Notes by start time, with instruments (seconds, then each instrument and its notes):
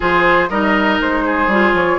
0.00 bassoon F3, clarinet F4, oboe G#4, flute C5
0.49 bassoon G3, clarinet D#4, oboe A#4, flute D#5
1.00 bassoon G#3, flute C5
1.25 oboe G#4
1.47 bassoon G3, clarinet F4
1.73 bassoon F3, flute C#5